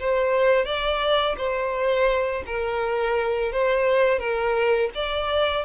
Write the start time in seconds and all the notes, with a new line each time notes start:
0.00 C5
0.65 D5
1.38 C5
2.46 A#4
3.52 C5
4.19 A#4
4.95 D5